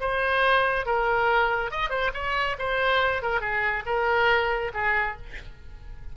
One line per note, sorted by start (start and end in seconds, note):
0.00 0.86 C5
0.86 1.71 A#4
1.71 1.90 D#5
1.90 2.11 C5
2.14 2.56 C#5
2.59 3.22 C5
3.22 3.41 A#4
3.41 3.83 G#4
3.86 4.72 A#4
4.74 5.16 G#4